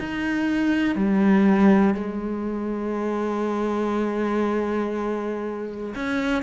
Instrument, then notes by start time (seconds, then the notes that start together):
cello
0.00 D#4
0.96 G3
1.95 G#3
5.95 C#4